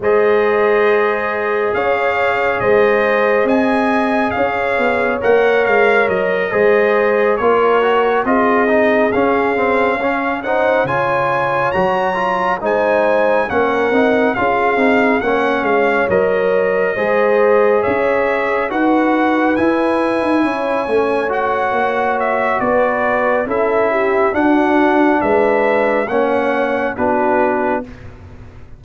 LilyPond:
<<
  \new Staff \with { instrumentName = "trumpet" } { \time 4/4 \tempo 4 = 69 dis''2 f''4 dis''4 | gis''4 f''4 fis''8 f''8 dis''4~ | dis''8 cis''4 dis''4 f''4. | fis''8 gis''4 ais''4 gis''4 fis''8~ |
fis''8 f''4 fis''8 f''8 dis''4.~ | dis''8 e''4 fis''4 gis''4.~ | gis''8 fis''4 e''8 d''4 e''4 | fis''4 e''4 fis''4 b'4 | }
  \new Staff \with { instrumentName = "horn" } { \time 4/4 c''2 cis''4 c''4 | dis''4 cis''2~ cis''8 c''8~ | c''8 ais'4 gis'2 cis''8 | c''8 cis''2 c''4 ais'8~ |
ais'8 gis'4 cis''2 c''8~ | c''8 cis''4 b'2 cis''8~ | cis''2 b'4 a'8 g'8 | fis'4 b'4 cis''4 fis'4 | }
  \new Staff \with { instrumentName = "trombone" } { \time 4/4 gis'1~ | gis'2 ais'4. gis'8~ | gis'8 f'8 fis'8 f'8 dis'8 cis'8 c'8 cis'8 | dis'8 f'4 fis'8 f'8 dis'4 cis'8 |
dis'8 f'8 dis'8 cis'4 ais'4 gis'8~ | gis'4. fis'4 e'4. | cis'8 fis'2~ fis'8 e'4 | d'2 cis'4 d'4 | }
  \new Staff \with { instrumentName = "tuba" } { \time 4/4 gis2 cis'4 gis4 | c'4 cis'8 b8 ais8 gis8 fis8 gis8~ | gis8 ais4 c'4 cis'4.~ | cis'8 cis4 fis4 gis4 ais8 |
c'8 cis'8 c'8 ais8 gis8 fis4 gis8~ | gis8 cis'4 dis'4 e'8. dis'16 cis'8 | a4 ais4 b4 cis'4 | d'4 gis4 ais4 b4 | }
>>